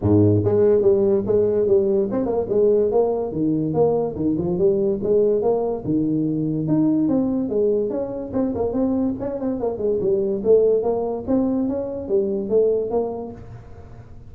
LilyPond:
\new Staff \with { instrumentName = "tuba" } { \time 4/4 \tempo 4 = 144 gis,4 gis4 g4 gis4 | g4 c'8 ais8 gis4 ais4 | dis4 ais4 dis8 f8 g4 | gis4 ais4 dis2 |
dis'4 c'4 gis4 cis'4 | c'8 ais8 c'4 cis'8 c'8 ais8 gis8 | g4 a4 ais4 c'4 | cis'4 g4 a4 ais4 | }